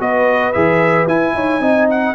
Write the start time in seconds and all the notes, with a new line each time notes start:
0.00 B3 F#4 B4 D#5
0.53 E3 G#4 E5
1.07 E4 G#5
1.34 D#4 C#5
1.60 C4 D#4 D#5
1.91 F#5